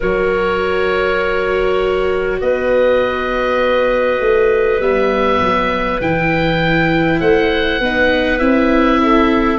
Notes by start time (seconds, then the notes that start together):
0.00 F#3 F#4 A#4 C#5
2.40 B3 B4 D#5
4.19 A3
4.79 G3 B3 E5
5.40 F#3
6.01 E3 E4 G5
7.19 A3 C5 F#5
7.79 B3 D#4 B4
8.38 C4 E4 E5
9.02 A4